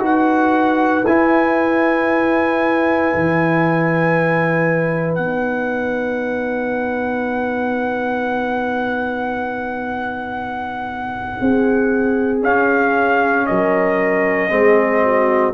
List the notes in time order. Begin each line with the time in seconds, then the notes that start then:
0.00 D#4 F#4 B4 F#5
1.06 E4 G#5
3.15 E3
5.15 B3 D#4 F#5
11.41 C4 G#4
12.43 C#4 F5
13.47 F#3 A#4 D#5
14.50 G#3 C4 G#4
15.03 F#4